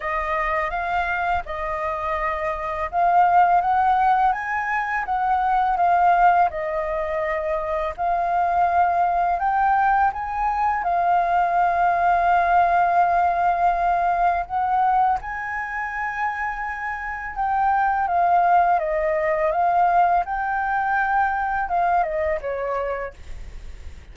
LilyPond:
\new Staff \with { instrumentName = "flute" } { \time 4/4 \tempo 4 = 83 dis''4 f''4 dis''2 | f''4 fis''4 gis''4 fis''4 | f''4 dis''2 f''4~ | f''4 g''4 gis''4 f''4~ |
f''1 | fis''4 gis''2. | g''4 f''4 dis''4 f''4 | g''2 f''8 dis''8 cis''4 | }